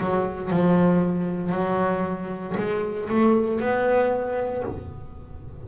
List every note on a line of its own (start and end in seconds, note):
0.00 0.50 F#3
0.50 1.52 F3
1.52 2.55 F#3
2.57 3.08 G#3
3.09 3.60 A3
3.60 4.63 B3